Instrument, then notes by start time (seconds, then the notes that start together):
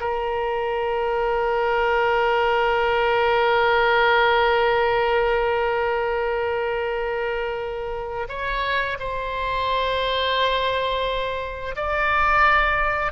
oboe
0.00 A#4
8.29 C#5
9.00 C5
11.76 D5